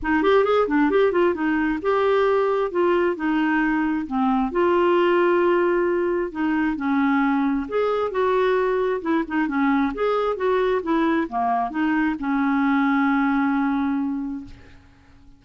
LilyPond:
\new Staff \with { instrumentName = "clarinet" } { \time 4/4 \tempo 4 = 133 dis'8 g'8 gis'8 d'8 g'8 f'8 dis'4 | g'2 f'4 dis'4~ | dis'4 c'4 f'2~ | f'2 dis'4 cis'4~ |
cis'4 gis'4 fis'2 | e'8 dis'8 cis'4 gis'4 fis'4 | e'4 ais4 dis'4 cis'4~ | cis'1 | }